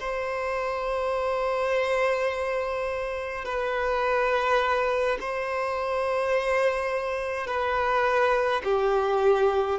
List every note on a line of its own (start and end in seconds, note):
0.00 3.45 C5
3.45 5.18 B4
5.21 7.47 C5
7.47 8.62 B4
8.64 9.79 G4